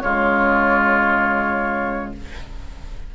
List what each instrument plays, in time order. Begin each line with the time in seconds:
0.00 bassoon C#3, clarinet G#3, oboe F4, flute C#5